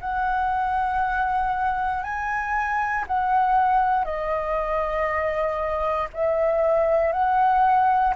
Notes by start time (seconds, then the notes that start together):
0.00 F#5
2.03 G#5
3.07 F#5
4.04 D#5
6.13 E5
7.12 F#5